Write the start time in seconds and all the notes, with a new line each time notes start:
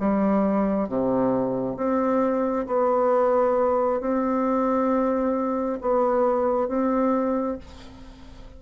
0.00 G3
0.89 C3
1.77 C4
2.67 B3
4.01 C4
5.81 B3
6.68 C4